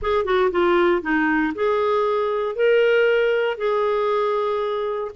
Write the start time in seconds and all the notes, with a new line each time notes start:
0.02 G#4
0.24 F#4
0.51 F4
1.01 D#4
1.54 G#4
2.55 A#4
3.57 G#4